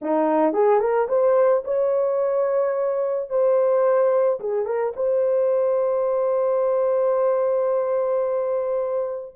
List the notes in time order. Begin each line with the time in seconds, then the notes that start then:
0.01 D#4
0.53 G#4
0.80 A#4
1.08 C5
1.64 C#5
3.29 C5
4.40 G#4
4.65 A#4
4.96 C5